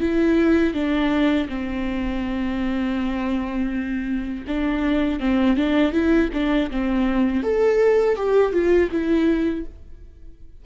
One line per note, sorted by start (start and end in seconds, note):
0.00 0.73 E4
0.73 1.47 D4
1.48 4.45 C4
4.47 5.20 D4
5.20 5.56 C4
5.56 5.92 D4
5.92 6.29 E4
6.33 6.70 D4
6.70 7.43 C4
7.43 8.16 A4
8.16 8.53 G4
8.53 8.90 F4
8.91 9.65 E4